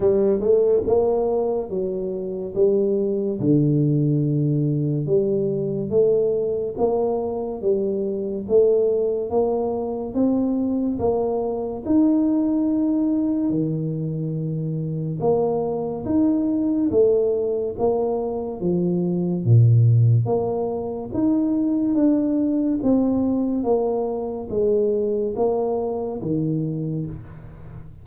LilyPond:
\new Staff \with { instrumentName = "tuba" } { \time 4/4 \tempo 4 = 71 g8 a8 ais4 fis4 g4 | d2 g4 a4 | ais4 g4 a4 ais4 | c'4 ais4 dis'2 |
dis2 ais4 dis'4 | a4 ais4 f4 ais,4 | ais4 dis'4 d'4 c'4 | ais4 gis4 ais4 dis4 | }